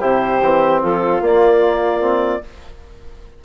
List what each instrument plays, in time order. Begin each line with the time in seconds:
0.00 bassoon C3, trombone E4, flute G4, clarinet C5
0.41 bassoon E3, trombone C4
0.82 bassoon F3, flute F4, clarinet A4
1.21 trombone A#3, bassoon A#3, clarinet D5
2.01 trombone C4